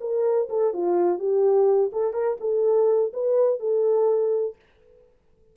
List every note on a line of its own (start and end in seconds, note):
0.00 0.48 A#4
0.49 0.73 A4
0.73 1.18 F4
1.18 1.90 G4
1.92 2.13 A4
2.13 2.37 A#4
2.40 3.12 A4
3.13 3.59 B4
3.59 4.55 A4